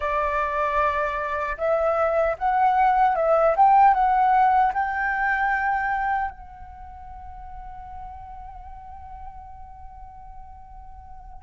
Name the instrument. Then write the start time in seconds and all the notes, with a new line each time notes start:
flute
0.00 D5
1.57 E5
2.38 F#5
3.15 E5
3.56 G5
3.93 F#5
4.73 G5
6.31 F#5